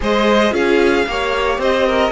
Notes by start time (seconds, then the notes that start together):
0.00 G#3 G#4 C5 D#5
0.51 C#4 F4 G#4 F5
1.06 A#3 G4 C#5
1.58 C4 C5 D#5
1.86 A#4